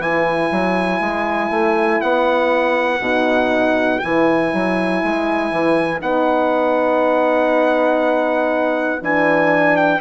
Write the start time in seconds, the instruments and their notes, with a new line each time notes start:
0.00 bassoon E3, horn E4 B4, trumpet G#5
0.52 bassoon F#3
1.01 bassoon G#3
1.50 bassoon A3
2.02 bassoon B3, trumpet F#5
3.00 bassoon B2, horn D#4
4.00 bassoon E3, horn E4, trumpet G#5
4.54 bassoon F#3
5.03 bassoon G#3
5.52 bassoon E3
6.00 bassoon B3, horn D#4, trumpet F#5
9.02 bassoon E3, horn D4, trumpet G#5
9.77 trumpet G5